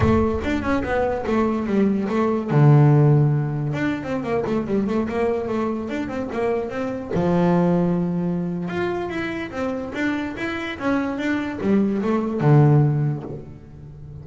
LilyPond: \new Staff \with { instrumentName = "double bass" } { \time 4/4 \tempo 4 = 145 a4 d'8 cis'8 b4 a4 | g4 a4 d2~ | d4 d'8. c'8 ais8 a8 g8 a16~ | a16 ais4 a4 d'8 c'8 ais8.~ |
ais16 c'4 f2~ f8.~ | f4 f'4 e'4 c'4 | d'4 e'4 cis'4 d'4 | g4 a4 d2 | }